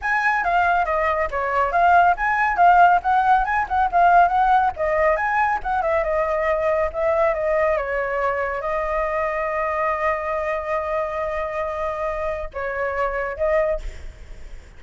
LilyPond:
\new Staff \with { instrumentName = "flute" } { \time 4/4 \tempo 4 = 139 gis''4 f''4 dis''4 cis''4 | f''4 gis''4 f''4 fis''4 | gis''8 fis''8 f''4 fis''4 dis''4 | gis''4 fis''8 e''8 dis''2 |
e''4 dis''4 cis''2 | dis''1~ | dis''1~ | dis''4 cis''2 dis''4 | }